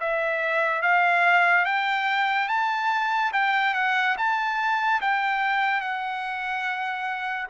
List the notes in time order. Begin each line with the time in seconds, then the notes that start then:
0.00 E5
0.82 F5
1.65 G5
2.48 A5
3.33 G5
3.74 F#5
4.17 A5
5.01 G5
5.81 F#5